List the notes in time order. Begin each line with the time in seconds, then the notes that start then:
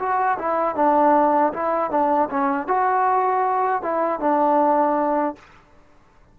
0.00 F#4
0.39 E4
0.76 D4
1.53 E4
1.91 D4
2.31 C#4
2.68 F#4
3.83 E4
4.20 D4